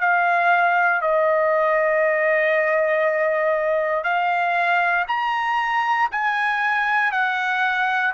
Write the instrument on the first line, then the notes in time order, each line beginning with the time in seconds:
trumpet
0.00 F5
1.01 D#5
4.04 F5
5.08 A#5
6.11 G#5
7.11 F#5